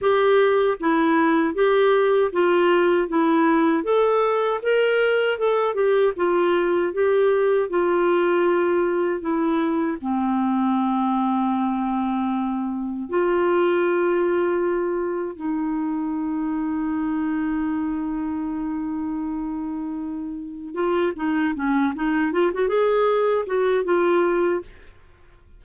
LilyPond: \new Staff \with { instrumentName = "clarinet" } { \time 4/4 \tempo 4 = 78 g'4 e'4 g'4 f'4 | e'4 a'4 ais'4 a'8 g'8 | f'4 g'4 f'2 | e'4 c'2.~ |
c'4 f'2. | dis'1~ | dis'2. f'8 dis'8 | cis'8 dis'8 f'16 fis'16 gis'4 fis'8 f'4 | }